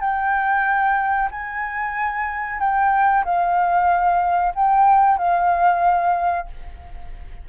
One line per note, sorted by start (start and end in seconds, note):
0.00 1.29 G5
1.31 2.60 G#5
2.60 3.24 G5
3.24 4.53 F5
4.55 5.18 G5
5.18 6.47 F5